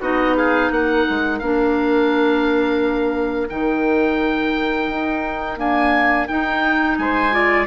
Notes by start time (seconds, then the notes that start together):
0.00 B3 D#4 F#4 D#5
0.36 G#4 F5
0.70 A#3 A#4 F#5
1.09 G#3
1.39 A#3 D4 F5
3.48 D#3 D#4 G5
4.89 D#4
5.57 A#3 D4 G#5
6.28 D#4 G5
6.98 G#3 C5 G#5
7.31 F4 D5